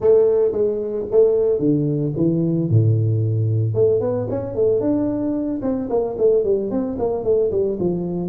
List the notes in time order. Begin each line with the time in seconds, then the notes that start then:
0.00 A3
0.52 G#3
1.11 A3
1.59 D3
2.16 E3
2.70 A2
3.74 A3
4.00 B3
4.30 C#4
4.55 A3
4.80 D4
5.62 C4
5.89 A#3
6.18 A3
6.44 G3
6.71 C4
6.98 A#3
7.23 A3
7.51 G3
7.79 F3